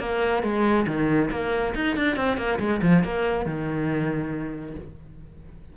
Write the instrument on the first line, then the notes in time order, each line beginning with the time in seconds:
cello
0.00 A#3
0.43 G#3
0.87 D#3
1.31 A#3
1.75 D#4
1.97 D4
2.16 C4
2.37 A#3
2.60 G#3
2.83 F3
3.04 A#3
3.46 D#3